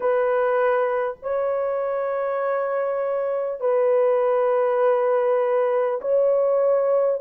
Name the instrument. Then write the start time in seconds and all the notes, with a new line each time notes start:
horn
0.00 B4
1.22 C#5
3.60 B4
6.01 C#5